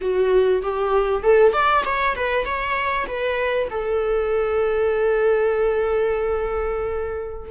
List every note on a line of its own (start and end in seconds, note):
0.01 0.62 F#4
0.62 1.23 G4
1.23 1.53 A4
1.53 1.83 D5
1.85 2.15 C#5
2.15 2.45 B4
2.45 3.06 C#5
3.07 3.68 B4
3.70 7.50 A4